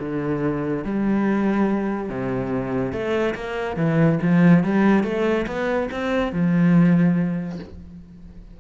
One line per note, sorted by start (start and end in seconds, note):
0.00 0.85 D3
0.85 2.10 G3
2.10 2.93 C3
2.93 3.35 A3
3.35 3.77 A#3
3.77 4.19 E3
4.23 4.64 F3
4.64 5.04 G3
5.04 5.46 A3
5.47 5.90 B3
5.92 6.33 C4
6.33 7.60 F3